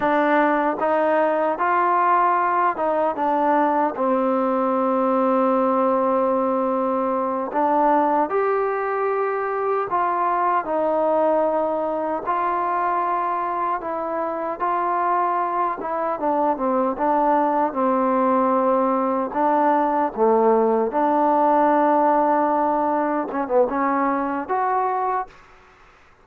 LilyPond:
\new Staff \with { instrumentName = "trombone" } { \time 4/4 \tempo 4 = 76 d'4 dis'4 f'4. dis'8 | d'4 c'2.~ | c'4. d'4 g'4.~ | g'8 f'4 dis'2 f'8~ |
f'4. e'4 f'4. | e'8 d'8 c'8 d'4 c'4.~ | c'8 d'4 a4 d'4.~ | d'4. cis'16 b16 cis'4 fis'4 | }